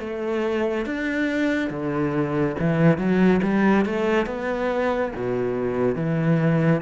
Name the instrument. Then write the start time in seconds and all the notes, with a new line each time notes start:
cello
0.00 A3
0.86 D4
1.70 D3
2.59 E3
2.98 F#3
3.42 G3
3.85 A3
4.26 B3
5.15 B2
5.95 E3